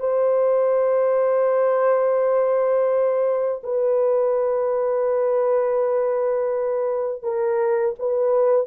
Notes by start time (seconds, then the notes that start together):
0.00 C5
3.63 B4
7.23 A#4
7.99 B4